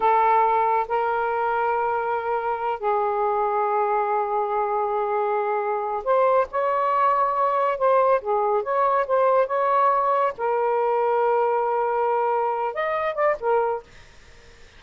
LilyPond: \new Staff \with { instrumentName = "saxophone" } { \time 4/4 \tempo 4 = 139 a'2 ais'2~ | ais'2~ ais'8 gis'4.~ | gis'1~ | gis'2 c''4 cis''4~ |
cis''2 c''4 gis'4 | cis''4 c''4 cis''2 | ais'1~ | ais'4. dis''4 d''8 ais'4 | }